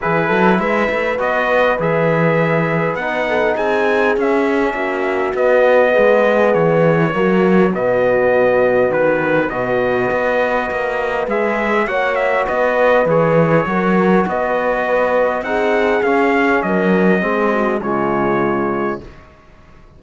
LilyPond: <<
  \new Staff \with { instrumentName = "trumpet" } { \time 4/4 \tempo 4 = 101 b'4 e''4 dis''4 e''4~ | e''4 fis''4 gis''4 e''4~ | e''4 dis''2 cis''4~ | cis''4 dis''2 b'4 |
dis''2. e''4 | fis''8 e''8 dis''4 cis''2 | dis''2 fis''4 f''4 | dis''2 cis''2 | }
  \new Staff \with { instrumentName = "horn" } { \time 4/4 gis'8 a'8 b'2.~ | b'4. a'8 gis'2 | fis'2 gis'2 | fis'1 |
b'1 | cis''4 b'2 ais'4 | b'2 gis'2 | ais'4 gis'8 fis'8 f'2 | }
  \new Staff \with { instrumentName = "trombone" } { \time 4/4 e'2 fis'4 gis'4~ | gis'4 dis'2 cis'4~ | cis'4 b2. | ais4 b2. |
fis'2. gis'4 | fis'2 gis'4 fis'4~ | fis'2 dis'4 cis'4~ | cis'4 c'4 gis2 | }
  \new Staff \with { instrumentName = "cello" } { \time 4/4 e8 fis8 gis8 a8 b4 e4~ | e4 b4 c'4 cis'4 | ais4 b4 gis4 e4 | fis4 b,2 dis4 |
b,4 b4 ais4 gis4 | ais4 b4 e4 fis4 | b2 c'4 cis'4 | fis4 gis4 cis2 | }
>>